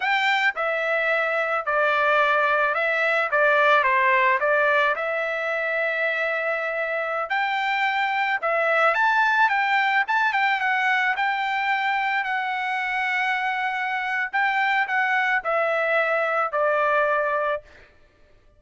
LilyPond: \new Staff \with { instrumentName = "trumpet" } { \time 4/4 \tempo 4 = 109 g''4 e''2 d''4~ | d''4 e''4 d''4 c''4 | d''4 e''2.~ | e''4~ e''16 g''2 e''8.~ |
e''16 a''4 g''4 a''8 g''8 fis''8.~ | fis''16 g''2 fis''4.~ fis''16~ | fis''2 g''4 fis''4 | e''2 d''2 | }